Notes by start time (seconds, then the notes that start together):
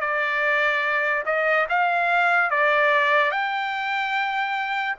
0.00 D5
1.26 D#5
1.69 F5
2.50 D5
3.31 G5